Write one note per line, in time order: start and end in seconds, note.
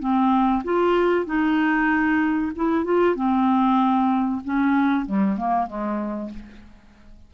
0.00 0.63 C4
0.64 1.26 F4
1.26 2.52 D#4
2.56 2.85 E4
2.85 3.16 F4
3.16 4.42 C4
4.45 5.06 C#4
5.06 5.37 G3
5.38 5.67 A#3
5.67 6.30 G#3